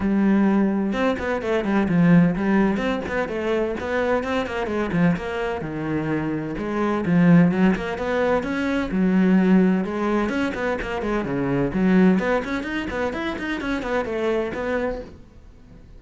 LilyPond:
\new Staff \with { instrumentName = "cello" } { \time 4/4 \tempo 4 = 128 g2 c'8 b8 a8 g8 | f4 g4 c'8 b8 a4 | b4 c'8 ais8 gis8 f8 ais4 | dis2 gis4 f4 |
fis8 ais8 b4 cis'4 fis4~ | fis4 gis4 cis'8 b8 ais8 gis8 | cis4 fis4 b8 cis'8 dis'8 b8 | e'8 dis'8 cis'8 b8 a4 b4 | }